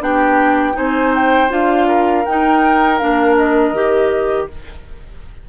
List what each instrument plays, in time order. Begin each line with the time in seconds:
0.00 bassoon B3, clarinet D4, oboe G4, flute G5
0.74 bassoon C4, clarinet D#4, oboe C5, flute G#5
1.15 flute G5
1.50 bassoon D4, clarinet F4, flute F5
1.88 oboe A#4
2.25 bassoon D#4, clarinet D#4, flute G5
2.99 bassoon A#3, clarinet D4, flute F5
3.37 flute D#5
3.72 bassoon D#3, clarinet G4